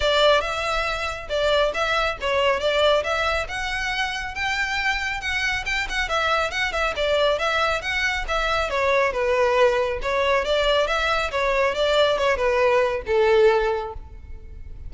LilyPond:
\new Staff \with { instrumentName = "violin" } { \time 4/4 \tempo 4 = 138 d''4 e''2 d''4 | e''4 cis''4 d''4 e''4 | fis''2 g''2 | fis''4 g''8 fis''8 e''4 fis''8 e''8 |
d''4 e''4 fis''4 e''4 | cis''4 b'2 cis''4 | d''4 e''4 cis''4 d''4 | cis''8 b'4. a'2 | }